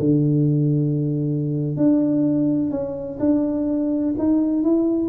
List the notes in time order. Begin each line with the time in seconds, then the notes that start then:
0.00 D3
1.77 D4
2.71 C#4
3.20 D4
4.19 D#4
4.63 E4